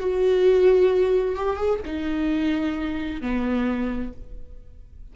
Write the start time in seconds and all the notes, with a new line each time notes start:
0.00 F#4
1.36 G4
1.57 G#4
1.85 D#4
3.22 B3